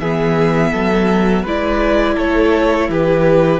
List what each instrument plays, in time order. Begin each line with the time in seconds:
0.00 cello E3, viola B3, violin G#4 E5
0.71 cello F#3, violin A4
1.42 cello G#3, viola E4, violin B4 D5
2.14 cello A3, violin A4 C#5
2.89 cello E3, violin G4 B4